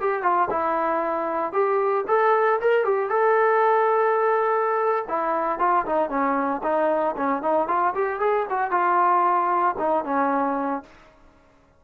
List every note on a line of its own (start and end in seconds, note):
0.00 0.22 G4
0.22 0.48 F4
0.50 1.52 E4
1.52 2.04 G4
2.07 2.59 A4
2.61 2.85 A#4
2.85 3.09 G4
3.09 5.05 A4
5.08 5.59 E4
5.59 5.85 F4
5.85 6.09 D#4
6.09 6.61 C#4
6.63 7.15 D#4
7.16 7.42 C#4
7.42 7.67 D#4
7.67 7.94 F4
7.94 8.20 G4
8.20 8.46 G#4
8.49 8.71 F#4
8.71 9.75 F4
9.78 10.04 D#4
10.05 10.83 C#4